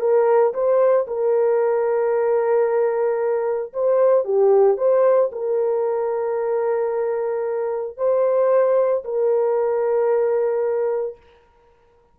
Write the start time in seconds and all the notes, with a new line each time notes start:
0.00 A#4
0.54 C5
1.07 A#4
3.73 C5
4.25 G4
4.77 C5
5.32 A#4
7.97 C5
9.04 A#4